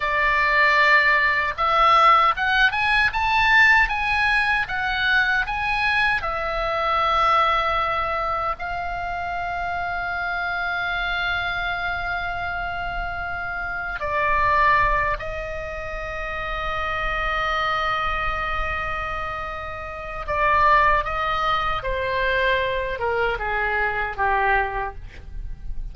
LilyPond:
\new Staff \with { instrumentName = "oboe" } { \time 4/4 \tempo 4 = 77 d''2 e''4 fis''8 gis''8 | a''4 gis''4 fis''4 gis''4 | e''2. f''4~ | f''1~ |
f''2 d''4. dis''8~ | dis''1~ | dis''2 d''4 dis''4 | c''4. ais'8 gis'4 g'4 | }